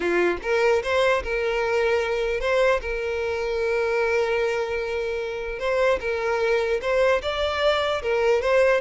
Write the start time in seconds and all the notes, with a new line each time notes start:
0.00 F4
0.42 A#4
0.83 C5
1.23 A#4
2.40 C5
2.81 A#4
5.59 C5
6.00 A#4
6.81 C5
7.21 D5
8.02 A#4
8.41 C5